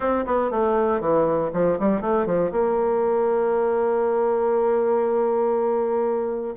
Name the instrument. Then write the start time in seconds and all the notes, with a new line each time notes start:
bassoon
0.00 C4
0.25 B3
0.50 A3
1.00 E3
1.53 F3
1.79 G3
2.01 A3
2.26 F3
2.51 A#3